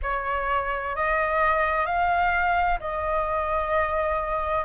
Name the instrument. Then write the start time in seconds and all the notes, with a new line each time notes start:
flute
0.02 C#5
0.95 D#5
1.86 F5
2.80 D#5